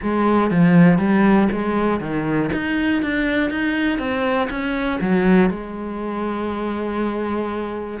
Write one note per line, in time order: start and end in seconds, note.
0.02 0.50 G#3
0.50 0.98 F3
0.98 1.48 G3
1.52 2.00 G#3
2.00 2.50 D#3
2.52 3.02 D#4
3.02 3.50 D4
3.50 3.98 D#4
3.98 4.48 C4
4.50 5.00 C#4
5.00 5.50 F#3
5.50 8.00 G#3